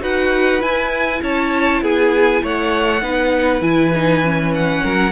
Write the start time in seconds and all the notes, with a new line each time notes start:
0.00 D#4 F#4 B4 F#5
0.60 E4 G#5
1.22 C#4 C#5 A5
1.82 B3 G#4 G#5
2.43 A3 C#5 F#5
3.02 B3 D#4 B4
3.61 E3 E4 G#5
3.95 D#4
4.24 C#4
4.54 F#5
4.83 F#3 A#4